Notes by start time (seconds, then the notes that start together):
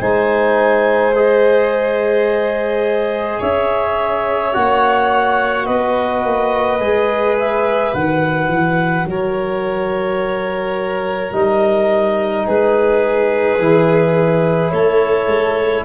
0.00 G#3 D#4 C5 G#5
1.16 G#4 D#5
3.40 C#4 C#5 E5
4.53 A#3 F#4 F#5
5.66 B3 B4 D#5
6.25 A#3
6.80 G#3 G#4
7.39 E5
7.93 D#3 F#4 F#5
8.48 E3
9.05 F#3 A#4 C#5
11.32 G3 D#4 D#5
12.46 G#3 G#4 B4
13.59 E3 E4
14.71 A3 A4 C#5
15.27 G#3